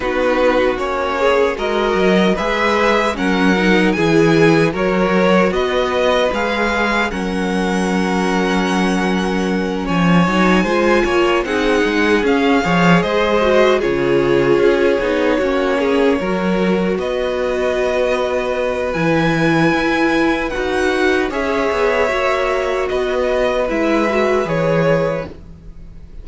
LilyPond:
<<
  \new Staff \with { instrumentName = "violin" } { \time 4/4 \tempo 4 = 76 b'4 cis''4 dis''4 e''4 | fis''4 gis''4 cis''4 dis''4 | f''4 fis''2.~ | fis''8 gis''2 fis''4 f''8~ |
f''8 dis''4 cis''2~ cis''8~ | cis''4. dis''2~ dis''8 | gis''2 fis''4 e''4~ | e''4 dis''4 e''4 cis''4 | }
  \new Staff \with { instrumentName = "violin" } { \time 4/4 fis'4. gis'8 ais'4 b'4 | ais'4 gis'4 ais'4 b'4~ | b'4 ais'2.~ | ais'8 cis''4 c''8 cis''8 gis'4. |
cis''8 c''4 gis'2 fis'8 | gis'8 ais'4 b'2~ b'8~ | b'2. cis''4~ | cis''4 b'2. | }
  \new Staff \with { instrumentName = "viola" } { \time 4/4 dis'4 cis'4 fis'4 gis'4 | cis'8 dis'8 e'4 fis'2 | gis'4 cis'2.~ | cis'4 dis'8 f'4 dis'4 cis'8 |
gis'4 fis'8 f'4. dis'8 cis'8~ | cis'8 fis'2.~ fis'8 | e'2 fis'4 gis'4 | fis'2 e'8 fis'8 gis'4 | }
  \new Staff \with { instrumentName = "cello" } { \time 4/4 b4 ais4 gis8 fis8 gis4 | fis4 e4 fis4 b4 | gis4 fis2.~ | fis8 f8 fis8 gis8 ais8 c'8 gis8 cis'8 |
f8 gis4 cis4 cis'8 b8 ais8~ | ais8 fis4 b2~ b8 | e4 e'4 dis'4 cis'8 b8 | ais4 b4 gis4 e4 | }
>>